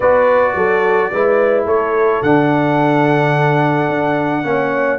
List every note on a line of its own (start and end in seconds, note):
0.00 0.54 B3
0.00 1.12 F#4
0.00 0.53 B4
0.00 1.64 D5
0.54 1.10 F#3
0.54 1.11 A4
1.12 1.66 G#3
1.12 2.24 E4
1.12 1.65 B4
1.65 2.21 A3
1.65 4.42 A4
1.65 2.22 C#5
2.22 3.88 D3
2.22 4.43 D4
2.22 4.98 F#5
3.88 4.44 D4
4.43 4.98 A#3
4.43 4.98 C#4
4.43 4.98 C#5